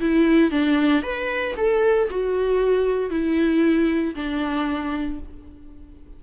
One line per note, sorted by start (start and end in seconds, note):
0.00 0.51 E4
0.51 1.02 D4
1.02 1.55 B4
1.57 2.09 A4
2.10 3.10 F#4
3.10 4.14 E4
4.15 5.19 D4